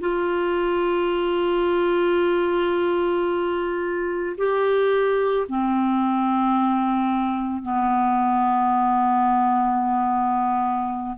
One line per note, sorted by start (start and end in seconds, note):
0.00 4.36 F4
4.38 5.47 G4
5.48 7.62 C4
7.62 11.17 B3